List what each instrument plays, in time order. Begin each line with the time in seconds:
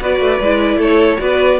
0.00 cello B3, viola F#4, violin B4 D5
0.20 cello A3
0.40 cello G#3, viola E4
0.77 cello A3, violin A4 C#5
1.18 cello B3, viola F#4, violin B4 D5